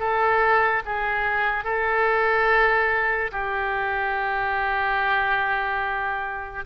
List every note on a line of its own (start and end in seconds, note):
0.00 0.83 A4
0.86 1.65 G#4
1.65 3.31 A4
3.32 6.66 G4